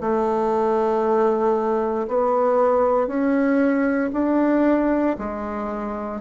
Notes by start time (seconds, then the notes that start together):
0.00 A3
2.07 B3
3.07 C#4
4.12 D4
5.18 G#3